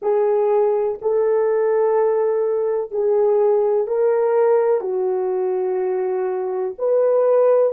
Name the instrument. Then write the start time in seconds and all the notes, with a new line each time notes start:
horn
0.02 G#4
1.01 A4
2.91 G#4
3.87 A#4
4.80 F#4
6.78 B4